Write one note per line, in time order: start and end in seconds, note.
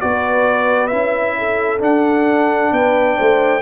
0.00 0.92 B3
0.00 0.90 F#4
0.00 1.37 B4
0.00 0.87 D5
0.87 1.81 C#4
0.87 1.79 E4
0.87 1.78 E5
1.38 2.73 A4
1.79 3.61 D4
1.79 2.72 D4
1.79 2.73 F#5
2.72 3.17 B3
2.72 3.16 B4
2.72 3.62 G5
3.16 3.62 A3
3.16 3.62 C5